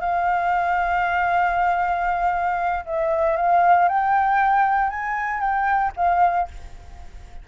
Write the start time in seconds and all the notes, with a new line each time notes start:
0.00 F5
2.85 E5
3.36 F5
3.88 G5
4.90 G#5
5.40 G5
5.96 F5